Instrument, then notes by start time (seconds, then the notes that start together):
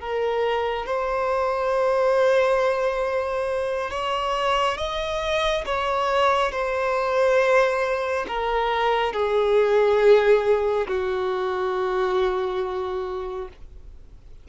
violin
0.00 A#4
0.86 C5
3.91 C#5
4.77 D#5
5.66 C#5
6.52 C5
8.28 A#4
9.13 G#4
10.87 F#4